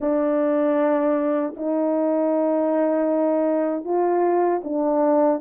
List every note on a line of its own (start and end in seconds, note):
0.00 1.54 D4
1.56 3.84 D#4
3.84 4.61 F4
4.64 5.41 D4